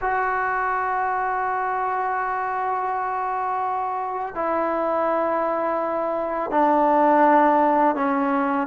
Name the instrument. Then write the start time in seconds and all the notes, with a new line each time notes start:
trombone
0.01 F#4
4.34 E4
6.51 D4
7.95 C#4